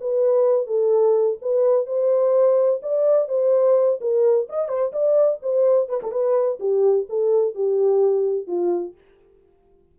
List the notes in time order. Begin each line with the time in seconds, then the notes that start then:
0.00 B4
0.67 A4
1.41 B4
1.86 C5
2.82 D5
3.28 C5
4.01 A#4
4.49 D#5
4.68 C5
4.92 D5
5.42 C5
5.88 B4
6.02 A4
6.11 B4
6.59 G4
7.09 A4
7.55 G4
8.47 F4